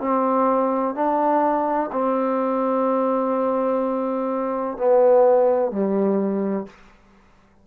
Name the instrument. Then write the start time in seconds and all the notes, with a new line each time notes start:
trombone
0.00 C4
0.95 D4
1.92 C4
4.77 B3
5.71 G3